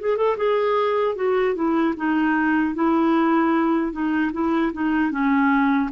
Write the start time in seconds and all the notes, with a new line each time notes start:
0.00 G#4
0.17 A4
0.37 G#4
1.16 F#4
1.55 E4
1.97 D#4
2.75 E4
3.92 D#4
4.33 E4
4.73 D#4
5.11 C#4